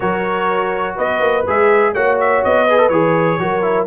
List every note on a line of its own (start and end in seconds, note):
0.00 0.98 F#3
0.00 1.43 F#4
0.00 0.95 A#4
0.00 0.96 C#5
0.95 1.20 B3
0.95 1.92 B4
0.95 1.46 D#5
1.20 1.44 A#3
1.47 1.94 G#3
1.47 1.95 G#4
1.47 1.93 E5
1.93 2.43 A#3
1.93 2.68 F#4
1.93 2.65 C#5
1.93 2.18 F#5
2.19 2.44 E5
2.44 2.89 B3
2.44 2.89 D#5
2.65 2.78 G#4
2.65 3.38 B4
2.78 2.90 A4
2.89 3.38 E3
2.89 3.39 G#4
2.89 3.86 C#5
3.39 3.86 F#3
3.39 3.61 F#4
3.39 3.86 A#4
3.61 3.86 E4